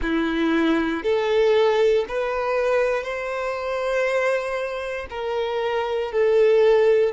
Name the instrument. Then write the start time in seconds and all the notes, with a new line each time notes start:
violin
0.02 E4
1.03 A4
2.08 B4
3.03 C5
5.10 A#4
6.12 A4